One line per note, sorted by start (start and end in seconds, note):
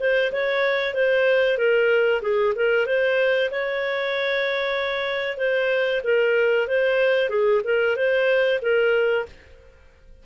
0.00 0.32 C5
0.32 0.94 C#5
0.94 1.58 C5
1.58 2.22 A#4
2.22 2.54 G#4
2.56 2.86 A#4
2.86 3.50 C5
3.51 5.38 C#5
5.38 6.01 C5
6.04 6.68 A#4
6.68 7.29 C5
7.29 7.61 G#4
7.65 7.96 A#4
7.96 8.60 C5
8.62 9.26 A#4